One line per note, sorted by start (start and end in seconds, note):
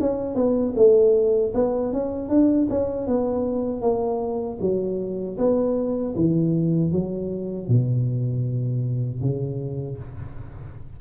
0.00 0.35 C#4
0.35 0.73 B3
0.76 1.52 A3
1.54 1.93 B3
1.93 2.29 C#4
2.29 2.67 D4
2.70 3.07 C#4
3.07 3.81 B3
3.81 4.58 A#3
4.60 5.37 F#3
5.37 6.14 B3
6.15 6.91 E3
6.91 7.68 F#3
7.68 9.21 B2
9.21 9.98 C#3